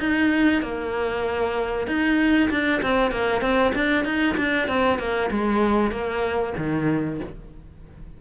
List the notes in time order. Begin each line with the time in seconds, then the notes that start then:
0.00 D#4
0.62 A#3
1.88 D#4
2.51 D4
2.83 C4
3.12 A#3
3.42 C4
3.75 D4
4.05 D#4
4.38 D4
4.68 C4
4.99 A#3
5.31 G#3
5.91 A#3
6.58 D#3